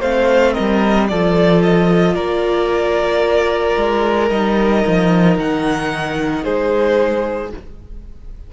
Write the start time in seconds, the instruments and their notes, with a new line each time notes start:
0.00 cello A3, viola C4, violin C5 F5
0.53 cello G3, violin A#4 D#5
1.08 cello F3, viola F4, violin A4 D5
1.63 violin D#5
2.15 cello A#3, violin A#4 D5
3.76 cello G#3
4.29 cello G3, viola D#4, violin D#5
4.87 cello F3
5.38 cello D#3, violin F#5
6.44 cello G#3, violin G#4 C5